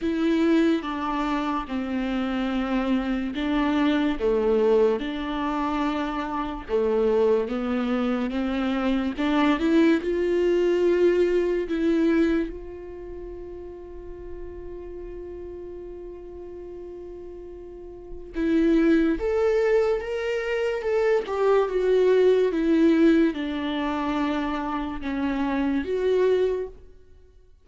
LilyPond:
\new Staff \with { instrumentName = "viola" } { \time 4/4 \tempo 4 = 72 e'4 d'4 c'2 | d'4 a4 d'2 | a4 b4 c'4 d'8 e'8 | f'2 e'4 f'4~ |
f'1~ | f'2 e'4 a'4 | ais'4 a'8 g'8 fis'4 e'4 | d'2 cis'4 fis'4 | }